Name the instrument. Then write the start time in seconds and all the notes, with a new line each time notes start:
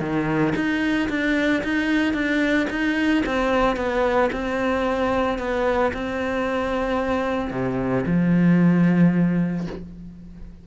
cello
0.00 D#3
0.56 D#4
1.10 D4
1.64 D#4
2.14 D4
2.70 D#4
3.26 C4
3.76 B3
4.33 C4
5.39 B3
5.94 C4
7.51 C3
8.06 F3